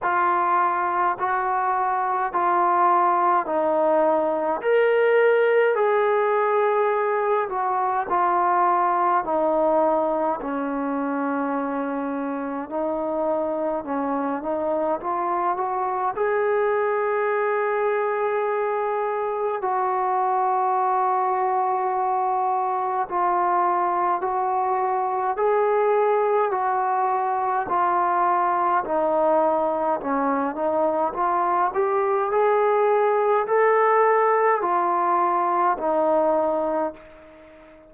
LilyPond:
\new Staff \with { instrumentName = "trombone" } { \time 4/4 \tempo 4 = 52 f'4 fis'4 f'4 dis'4 | ais'4 gis'4. fis'8 f'4 | dis'4 cis'2 dis'4 | cis'8 dis'8 f'8 fis'8 gis'2~ |
gis'4 fis'2. | f'4 fis'4 gis'4 fis'4 | f'4 dis'4 cis'8 dis'8 f'8 g'8 | gis'4 a'4 f'4 dis'4 | }